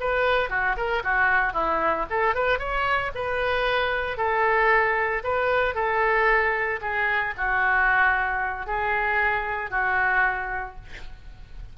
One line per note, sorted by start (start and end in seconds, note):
0.00 0.50 B4
0.50 0.76 F#4
0.77 1.03 A#4
1.03 1.53 F#4
1.53 2.06 E4
2.10 2.34 A4
2.34 2.59 B4
2.59 3.11 C#5
3.15 4.17 B4
4.17 5.22 A4
5.24 5.75 B4
5.75 6.80 A4
6.81 7.34 G#4
7.37 8.66 F#4
8.66 9.70 G#4
9.70 10.76 F#4